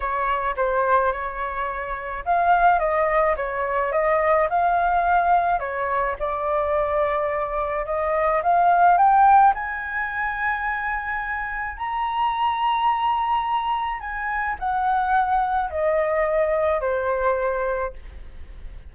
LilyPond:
\new Staff \with { instrumentName = "flute" } { \time 4/4 \tempo 4 = 107 cis''4 c''4 cis''2 | f''4 dis''4 cis''4 dis''4 | f''2 cis''4 d''4~ | d''2 dis''4 f''4 |
g''4 gis''2.~ | gis''4 ais''2.~ | ais''4 gis''4 fis''2 | dis''2 c''2 | }